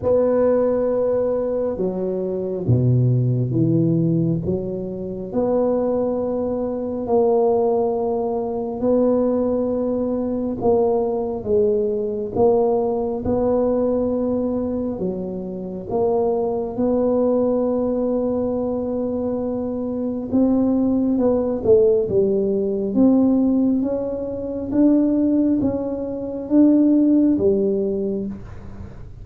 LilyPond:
\new Staff \with { instrumentName = "tuba" } { \time 4/4 \tempo 4 = 68 b2 fis4 b,4 | e4 fis4 b2 | ais2 b2 | ais4 gis4 ais4 b4~ |
b4 fis4 ais4 b4~ | b2. c'4 | b8 a8 g4 c'4 cis'4 | d'4 cis'4 d'4 g4 | }